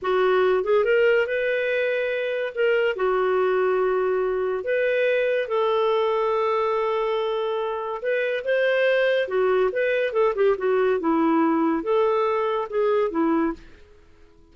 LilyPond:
\new Staff \with { instrumentName = "clarinet" } { \time 4/4 \tempo 4 = 142 fis'4. gis'8 ais'4 b'4~ | b'2 ais'4 fis'4~ | fis'2. b'4~ | b'4 a'2.~ |
a'2. b'4 | c''2 fis'4 b'4 | a'8 g'8 fis'4 e'2 | a'2 gis'4 e'4 | }